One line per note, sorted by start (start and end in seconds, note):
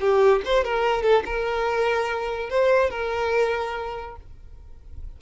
0.00 0.42 G4
0.45 0.64 C5
0.64 1.02 A#4
1.02 1.23 A4
1.25 2.50 A#4
2.50 2.90 C5
2.90 4.16 A#4